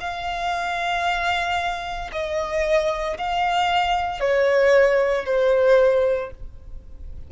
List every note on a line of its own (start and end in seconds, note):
0.00 2.11 F5
2.12 3.17 D#5
3.18 4.20 F5
4.20 5.25 C#5
5.25 6.31 C5